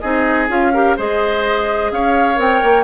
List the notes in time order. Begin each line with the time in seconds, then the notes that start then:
0.00 C4 D#4 G#4 D#5
0.48 C#4 F4 F5
0.73 G4 A#4
0.96 G#3 G#4 C5 D#5
1.91 C#4 C#5 F5
2.35 C4 A#4 G5
2.62 A#3